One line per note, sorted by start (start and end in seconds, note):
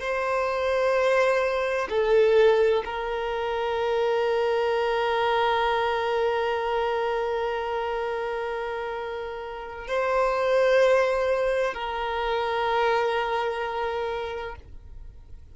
0.00 1.87 C5
1.89 2.83 A4
2.85 9.87 A#4
9.87 11.74 C5
11.74 14.55 A#4